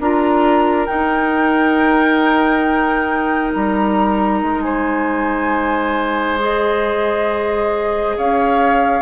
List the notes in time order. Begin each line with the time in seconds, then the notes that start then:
0.00 D4 F4 A#4 A#5
0.87 D#4 G5
3.54 G3 A#5
4.43 G#3
4.62 C5 G#5
6.39 G#4 D#5
8.17 C#4 C#5 F5